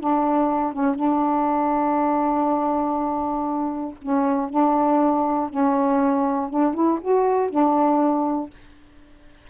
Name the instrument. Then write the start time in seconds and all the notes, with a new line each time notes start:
saxophone
0.00 D4
0.73 C#4
0.95 D4
4.01 C#4
4.50 D4
5.50 C#4
6.50 D4
6.74 E4
7.01 F#4
7.50 D4